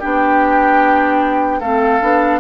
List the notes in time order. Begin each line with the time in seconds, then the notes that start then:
0.00 B3 D4 G4 G5
1.60 A3 C4 A4 F5
2.02 B3 D4